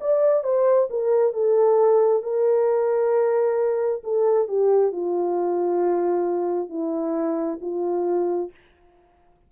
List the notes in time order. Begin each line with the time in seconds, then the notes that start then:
0.00 D5
0.44 C5
0.90 A#4
1.33 A4
2.23 A#4
4.03 A4
4.48 G4
4.92 F4
6.69 E4
7.61 F4